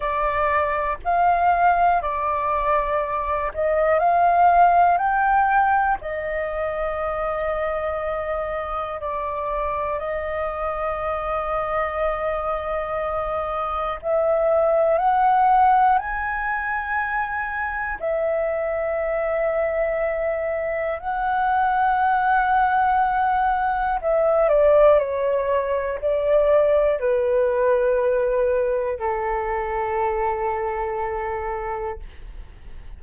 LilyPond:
\new Staff \with { instrumentName = "flute" } { \time 4/4 \tempo 4 = 60 d''4 f''4 d''4. dis''8 | f''4 g''4 dis''2~ | dis''4 d''4 dis''2~ | dis''2 e''4 fis''4 |
gis''2 e''2~ | e''4 fis''2. | e''8 d''8 cis''4 d''4 b'4~ | b'4 a'2. | }